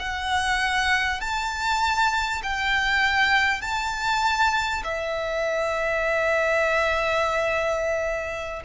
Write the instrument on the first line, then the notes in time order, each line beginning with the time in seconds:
violin
0.00 F#5
1.21 A5
2.44 G5
3.62 A5
4.84 E5